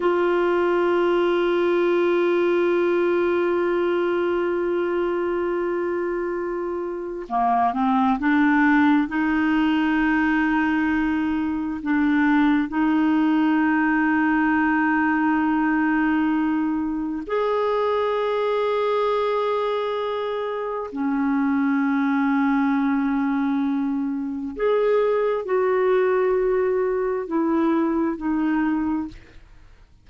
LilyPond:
\new Staff \with { instrumentName = "clarinet" } { \time 4/4 \tempo 4 = 66 f'1~ | f'1 | ais8 c'8 d'4 dis'2~ | dis'4 d'4 dis'2~ |
dis'2. gis'4~ | gis'2. cis'4~ | cis'2. gis'4 | fis'2 e'4 dis'4 | }